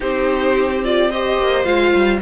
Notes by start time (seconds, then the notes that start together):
0.00 C4 D#4 G4 C5
0.84 F4 D5
1.09 G4 C5 D#5
1.38 A#3
1.64 G#3 F4 F5
1.94 G3